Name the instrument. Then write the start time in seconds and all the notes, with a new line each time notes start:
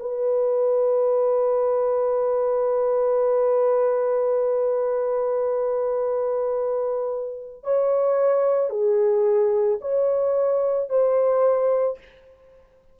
horn
0.00 B4
7.64 C#5
8.70 G#4
9.81 C#5
10.89 C5